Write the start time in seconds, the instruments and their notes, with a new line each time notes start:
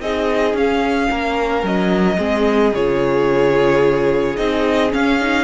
0.00 cello C4, viola D#4, violin G#4 D#5
0.54 cello C#4, viola C#4, violin F5
1.10 cello A#3, violin A#4
1.63 cello F#3, violin D#5
2.17 cello G#3, viola C4, violin G#4
2.73 cello C#3, viola F4, violin C#5
4.36 cello C4, viola D#4, violin D#5
4.90 viola C#4, cello C#4, violin F5
5.21 viola D#4